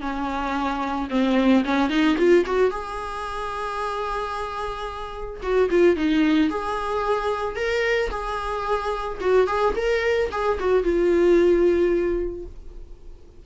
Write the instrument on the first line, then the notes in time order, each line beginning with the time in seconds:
viola
0.00 C#4
1.10 C4
1.64 C#4
1.89 D#4
2.17 F4
2.45 F#4
2.70 G#4
5.42 F#4
5.70 F4
5.96 D#4
6.50 G#4
7.55 A#4
8.10 G#4
9.20 F#4
9.47 G#4
9.75 A#4
10.31 G#4
10.59 F#4
10.83 F4